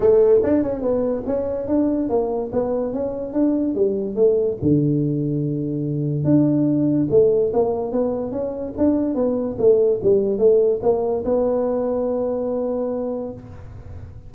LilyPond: \new Staff \with { instrumentName = "tuba" } { \time 4/4 \tempo 4 = 144 a4 d'8 cis'8 b4 cis'4 | d'4 ais4 b4 cis'4 | d'4 g4 a4 d4~ | d2. d'4~ |
d'4 a4 ais4 b4 | cis'4 d'4 b4 a4 | g4 a4 ais4 b4~ | b1 | }